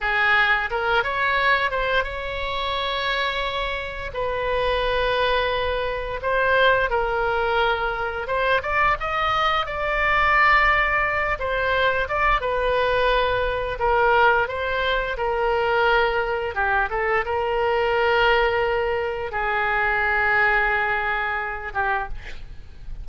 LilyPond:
\new Staff \with { instrumentName = "oboe" } { \time 4/4 \tempo 4 = 87 gis'4 ais'8 cis''4 c''8 cis''4~ | cis''2 b'2~ | b'4 c''4 ais'2 | c''8 d''8 dis''4 d''2~ |
d''8 c''4 d''8 b'2 | ais'4 c''4 ais'2 | g'8 a'8 ais'2. | gis'2.~ gis'8 g'8 | }